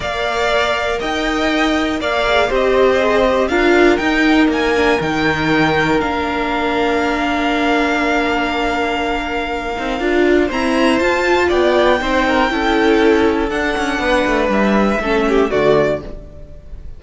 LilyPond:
<<
  \new Staff \with { instrumentName = "violin" } { \time 4/4 \tempo 4 = 120 f''2 g''2 | f''4 dis''2 f''4 | g''4 gis''4 g''2 | f''1~ |
f''1~ | f''4 ais''4 a''4 g''4~ | g''2. fis''4~ | fis''4 e''2 d''4 | }
  \new Staff \with { instrumentName = "violin" } { \time 4/4 d''2 dis''2 | d''4 c''2 ais'4~ | ais'1~ | ais'1~ |
ais'1~ | ais'4 c''2 d''4 | c''8 ais'8 a'2. | b'2 a'8 g'8 fis'4 | }
  \new Staff \with { instrumentName = "viola" } { \time 4/4 ais'1~ | ais'8 gis'8 g'4 gis'8 g'8 f'4 | dis'4. d'8 dis'2 | d'1~ |
d'2.~ d'8 dis'8 | f'4 c'4 f'2 | dis'4 e'2 d'4~ | d'2 cis'4 a4 | }
  \new Staff \with { instrumentName = "cello" } { \time 4/4 ais2 dis'2 | ais4 c'2 d'4 | dis'4 ais4 dis2 | ais1~ |
ais2.~ ais8 c'8 | d'4 e'4 f'4 b4 | c'4 cis'2 d'8 cis'8 | b8 a8 g4 a4 d4 | }
>>